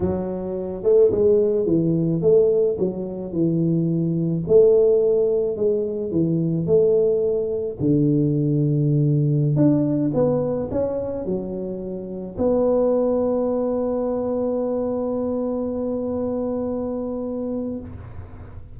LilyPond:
\new Staff \with { instrumentName = "tuba" } { \time 4/4 \tempo 4 = 108 fis4. a8 gis4 e4 | a4 fis4 e2 | a2 gis4 e4 | a2 d2~ |
d4~ d16 d'4 b4 cis'8.~ | cis'16 fis2 b4.~ b16~ | b1~ | b1 | }